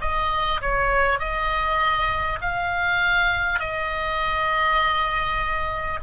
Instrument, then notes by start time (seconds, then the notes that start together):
oboe
0.00 D#5
0.61 C#5
1.19 D#5
2.41 F5
3.59 D#5